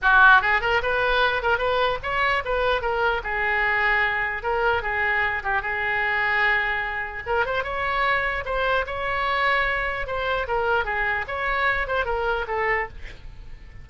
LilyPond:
\new Staff \with { instrumentName = "oboe" } { \time 4/4 \tempo 4 = 149 fis'4 gis'8 ais'8 b'4. ais'8 | b'4 cis''4 b'4 ais'4 | gis'2. ais'4 | gis'4. g'8 gis'2~ |
gis'2 ais'8 c''8 cis''4~ | cis''4 c''4 cis''2~ | cis''4 c''4 ais'4 gis'4 | cis''4. c''8 ais'4 a'4 | }